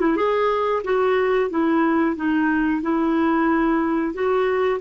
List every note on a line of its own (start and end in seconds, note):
0.00 0.16 E4
0.16 0.82 G#4
0.84 1.50 F#4
1.50 2.16 E4
2.16 2.82 D#4
2.82 4.14 E4
4.14 4.80 F#4